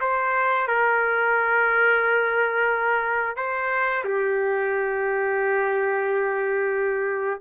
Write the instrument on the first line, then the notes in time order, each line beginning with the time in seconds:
trumpet
0.00 C5
0.67 A#4
3.36 C5
4.04 G4